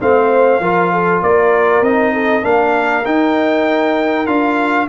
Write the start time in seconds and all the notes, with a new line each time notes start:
0.00 A3 C4 C5 F5
0.60 F3 F4 A#4
0.92 A4
1.22 A#3 A#4 D5
1.82 C4 D#4 D#5
2.13 A4
2.42 A#3 D4 A#4 F5
3.04 D#4 G5
4.26 D4 F4 F5